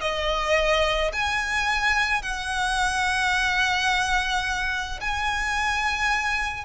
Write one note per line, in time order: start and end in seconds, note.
0.00 1.11 D#5
1.12 2.22 G#5
2.22 4.99 F#5
5.00 6.64 G#5